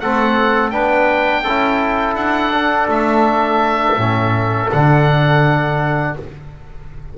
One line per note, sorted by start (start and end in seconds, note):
0.00 0.74 A3
0.00 0.72 C4
0.00 0.74 A4
0.00 0.70 F#5
0.70 1.45 B3
0.70 1.44 D4
0.70 1.44 B4
0.70 2.15 G5
1.44 2.15 C#4
1.44 2.53 E4
1.44 6.14 A4
2.15 2.87 D4
2.15 2.88 F#5
2.53 3.97 D4
2.88 3.97 A3
2.88 4.71 E5
3.97 4.69 A2
3.97 4.70 C#4
4.72 6.17 D3
4.72 6.18 D4
4.72 6.16 F#5